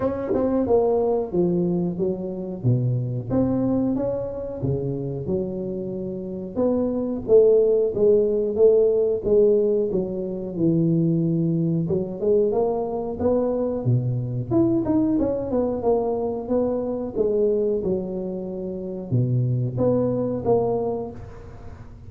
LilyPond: \new Staff \with { instrumentName = "tuba" } { \time 4/4 \tempo 4 = 91 cis'8 c'8 ais4 f4 fis4 | b,4 c'4 cis'4 cis4 | fis2 b4 a4 | gis4 a4 gis4 fis4 |
e2 fis8 gis8 ais4 | b4 b,4 e'8 dis'8 cis'8 b8 | ais4 b4 gis4 fis4~ | fis4 b,4 b4 ais4 | }